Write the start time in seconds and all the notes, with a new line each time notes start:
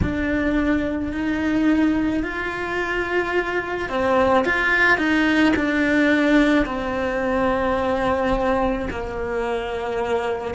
0.02 D4
1.12 D#4
2.23 F4
3.89 C4
4.44 F4
4.97 D#4
5.56 D4
6.65 C4
8.90 A#3